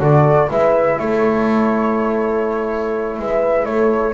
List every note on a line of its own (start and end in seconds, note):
0.00 0.49 D3
0.00 0.49 F#4
0.00 0.49 A4
0.00 0.50 D5
0.49 1.00 G#3
0.49 4.14 E4
0.49 0.98 B4
0.49 0.99 E5
0.99 3.20 A3
0.99 3.19 A4
0.99 3.18 C#5
3.20 3.66 G#3
3.20 3.68 B4
3.20 3.66 E5
3.66 4.14 A3
3.66 4.14 A4
3.66 4.14 C#5